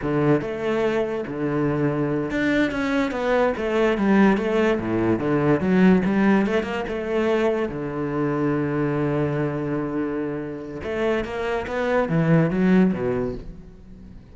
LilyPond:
\new Staff \with { instrumentName = "cello" } { \time 4/4 \tempo 4 = 144 d4 a2 d4~ | d4. d'4 cis'4 b8~ | b8 a4 g4 a4 a,8~ | a,8 d4 fis4 g4 a8 |
ais8 a2 d4.~ | d1~ | d2 a4 ais4 | b4 e4 fis4 b,4 | }